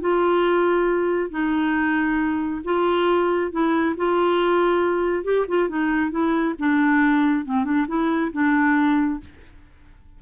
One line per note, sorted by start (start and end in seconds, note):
0.00 1.30 F4
1.30 2.62 D#4
2.64 3.51 F4
3.51 3.95 E4
3.96 5.24 F4
5.24 5.45 G4
5.48 5.69 F4
5.69 6.10 D#4
6.10 6.54 E4
6.59 7.45 D4
7.45 7.64 C4
7.64 7.86 D4
7.87 8.31 E4
8.32 9.20 D4